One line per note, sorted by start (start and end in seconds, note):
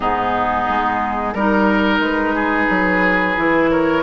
0.00 0.68 G#2
0.00 1.35 B3
0.00 1.34 D#4
0.00 1.33 G#4
0.69 1.34 G#3
1.33 1.99 G3
1.33 3.37 D#4
1.33 2.01 A#4
1.33 2.35 A#4
1.99 2.66 G#3
1.99 3.70 B4
2.35 3.70 G#4
2.69 3.37 F#3
3.37 4.02 E3
3.37 4.02 E4
3.70 4.02 A#4
3.70 4.02 C#5